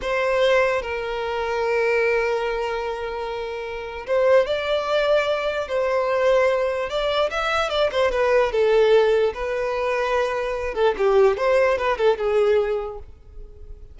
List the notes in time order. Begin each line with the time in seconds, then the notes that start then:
0.01 C5
0.82 A#4
4.07 C5
4.46 D5
5.68 C5
6.89 D5
7.30 E5
7.69 D5
7.91 C5
8.11 B4
8.52 A4
9.34 B4
10.74 A4
10.97 G4
11.37 C5
11.78 B4
11.97 A4
12.17 G#4